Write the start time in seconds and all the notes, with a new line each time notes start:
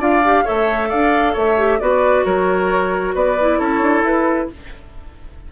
0.00 D4 F4 D5 F5
0.25 G4
0.45 A3 A4 C#5 E5
0.89 D4 D5 F5
1.33 A3 C#5 E5
1.57 G4
1.80 B3 F#4 B4 D5
2.25 F#3 A#4 C#5
3.15 B3 B4 D5
3.40 E4
3.59 C#4 A4 C#5
3.82 D4
4.03 E4 B4